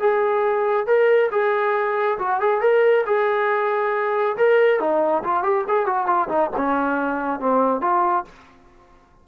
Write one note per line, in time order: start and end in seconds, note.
0.00 0.87 G#4
0.87 1.30 A#4
1.31 2.18 G#4
2.19 2.40 F#4
2.40 2.61 G#4
2.61 3.05 A#4
3.06 4.37 G#4
4.37 4.80 A#4
4.80 5.23 D#4
5.24 5.43 F4
5.43 5.65 G4
5.69 5.87 G#4
5.87 6.07 F#4
6.07 6.28 F4
6.29 6.50 D#4
6.57 7.40 C#4
7.40 7.81 C4
7.81 8.25 F4